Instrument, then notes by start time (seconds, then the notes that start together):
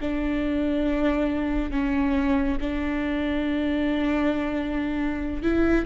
viola
0.00 D4
1.70 C#4
2.60 D4
5.42 E4